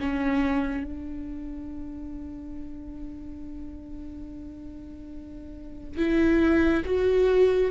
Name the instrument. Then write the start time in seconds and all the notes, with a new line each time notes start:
viola
0.00 C#4
0.84 D4
5.97 E4
6.85 F#4